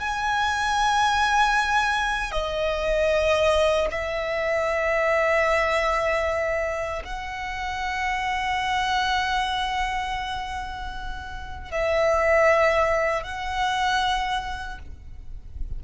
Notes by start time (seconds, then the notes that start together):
0.00 G#5
2.32 D#5
3.91 E5
7.05 F#5
11.71 E5
13.24 F#5